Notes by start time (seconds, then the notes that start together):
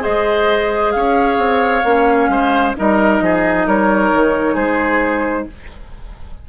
0.00 G#3 G#4 C5 D#5
0.91 C#4 C#5 F5
1.37 C4
1.84 A#3 C#4
2.28 G#3 C5
2.76 G3 D#4 A#4 D#5
3.20 F3 G#4
3.66 G3 A#4 C#5
4.13 D#3
4.54 G#3 G#4 C5